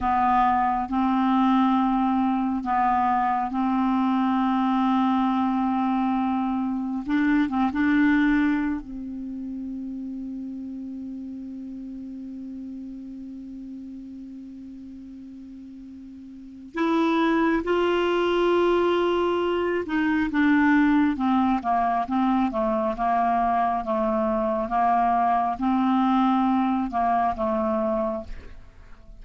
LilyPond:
\new Staff \with { instrumentName = "clarinet" } { \time 4/4 \tempo 4 = 68 b4 c'2 b4 | c'1 | d'8 c'16 d'4~ d'16 c'2~ | c'1~ |
c'2. e'4 | f'2~ f'8 dis'8 d'4 | c'8 ais8 c'8 a8 ais4 a4 | ais4 c'4. ais8 a4 | }